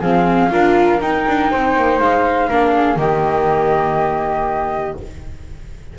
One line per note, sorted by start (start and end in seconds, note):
0.00 0.51 F3
0.00 0.50 C4
0.00 0.50 G#4
0.00 1.01 F5
0.50 1.02 D4
0.50 1.00 F4
0.50 1.51 A#4
1.01 1.26 D#4
1.01 2.51 D#4
1.01 2.00 G5
1.27 1.52 D4
1.51 1.76 C4
1.51 2.49 C5
1.76 2.00 A#3
2.00 2.49 G#3
2.00 2.99 F5
2.49 2.96 A#3
2.49 2.97 D4
2.49 2.74 A#4
2.74 2.99 G#4
2.96 4.95 D#3
2.96 4.95 A#3
2.96 4.99 G4
2.96 4.98 D#5